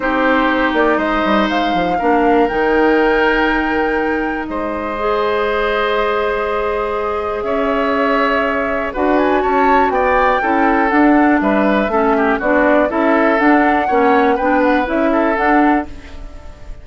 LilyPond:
<<
  \new Staff \with { instrumentName = "flute" } { \time 4/4 \tempo 4 = 121 c''4. d''8 dis''4 f''4~ | f''4 g''2.~ | g''4 dis''2.~ | dis''2. e''4~ |
e''2 fis''8 gis''8 a''4 | g''2 fis''4 e''4~ | e''4 d''4 e''4 fis''4~ | fis''4 g''8 fis''8 e''4 fis''4 | }
  \new Staff \with { instrumentName = "oboe" } { \time 4/4 g'2 c''2 | ais'1~ | ais'4 c''2.~ | c''2. cis''4~ |
cis''2 b'4 cis''4 | d''4 a'2 b'4 | a'8 g'8 fis'4 a'2 | cis''4 b'4. a'4. | }
  \new Staff \with { instrumentName = "clarinet" } { \time 4/4 dis'1 | d'4 dis'2.~ | dis'2 gis'2~ | gis'1~ |
gis'2 fis'2~ | fis'4 e'4 d'2 | cis'4 d'4 e'4 d'4 | cis'4 d'4 e'4 d'4 | }
  \new Staff \with { instrumentName = "bassoon" } { \time 4/4 c'4. ais8 gis8 g8 gis8 f8 | ais4 dis2.~ | dis4 gis2.~ | gis2. cis'4~ |
cis'2 d'4 cis'4 | b4 cis'4 d'4 g4 | a4 b4 cis'4 d'4 | ais4 b4 cis'4 d'4 | }
>>